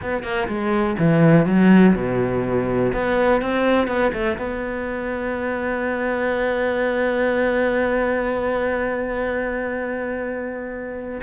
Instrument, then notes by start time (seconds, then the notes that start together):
cello
0.01 B3
0.23 A#3
0.47 G#3
0.98 E3
1.46 F#3
1.95 B2
2.93 B3
3.41 C4
3.87 B3
4.13 A3
4.37 B3